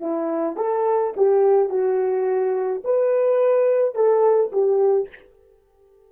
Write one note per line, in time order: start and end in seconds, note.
0.00 0.57 E4
0.57 1.13 A4
1.16 1.69 G4
1.69 2.83 F#4
2.84 3.95 B4
3.95 4.51 A4
4.52 5.08 G4